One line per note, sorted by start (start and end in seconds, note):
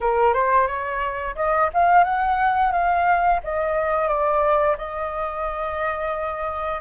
0.00 0.33 A#4
0.33 0.67 C5
0.67 1.35 C#5
1.35 1.70 D#5
1.73 2.04 F5
2.04 2.71 F#5
2.71 3.40 F5
3.43 4.08 D#5
4.08 4.76 D5
4.77 6.81 D#5